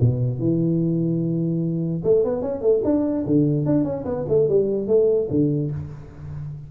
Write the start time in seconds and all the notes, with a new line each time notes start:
0.00 B2
0.39 E3
2.04 A3
2.24 B3
2.42 C#4
2.61 A3
2.84 D4
3.26 D3
3.65 D4
3.84 C#4
4.05 B3
4.29 A3
4.49 G3
4.87 A3
5.30 D3